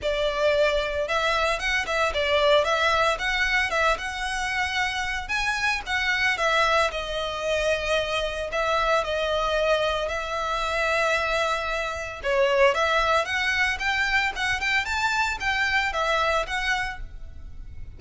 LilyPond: \new Staff \with { instrumentName = "violin" } { \time 4/4 \tempo 4 = 113 d''2 e''4 fis''8 e''8 | d''4 e''4 fis''4 e''8 fis''8~ | fis''2 gis''4 fis''4 | e''4 dis''2. |
e''4 dis''2 e''4~ | e''2. cis''4 | e''4 fis''4 g''4 fis''8 g''8 | a''4 g''4 e''4 fis''4 | }